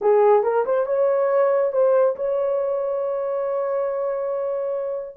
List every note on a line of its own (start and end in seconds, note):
0.01 0.43 G#4
0.43 0.65 A#4
0.65 0.86 C5
0.86 1.72 C#5
1.72 2.15 C5
2.16 5.16 C#5